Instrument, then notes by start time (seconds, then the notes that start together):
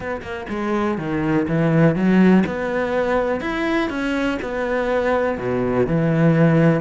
cello
0.00 B3
0.22 A#3
0.49 G#3
0.98 D#3
1.48 E3
1.95 F#3
2.46 B3
3.40 E4
3.89 C#4
4.41 B3
5.37 B2
5.87 E3